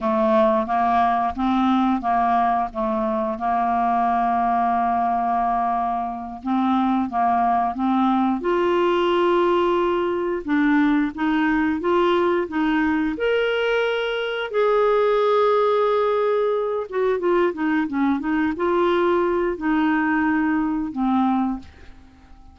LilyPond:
\new Staff \with { instrumentName = "clarinet" } { \time 4/4 \tempo 4 = 89 a4 ais4 c'4 ais4 | a4 ais2.~ | ais4. c'4 ais4 c'8~ | c'8 f'2. d'8~ |
d'8 dis'4 f'4 dis'4 ais'8~ | ais'4. gis'2~ gis'8~ | gis'4 fis'8 f'8 dis'8 cis'8 dis'8 f'8~ | f'4 dis'2 c'4 | }